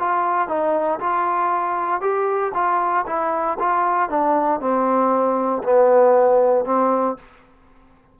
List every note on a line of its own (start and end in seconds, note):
0.00 0.49 F4
0.49 1.00 D#4
1.00 2.01 F4
2.01 2.52 G4
2.55 3.06 F4
3.07 3.58 E4
3.60 4.10 F4
4.10 4.61 D4
4.61 5.63 C4
5.64 6.65 B3
6.65 7.17 C4